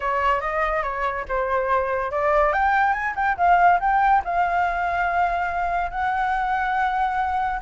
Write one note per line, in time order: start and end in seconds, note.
0.00 0.40 C#5
0.40 0.82 D#5
0.82 1.25 C#5
1.28 2.11 C5
2.11 2.52 D5
2.52 2.93 G5
2.93 3.14 G#5
3.15 3.36 G5
3.37 3.79 F5
3.80 4.22 G5
4.24 5.90 F5
5.90 7.60 F#5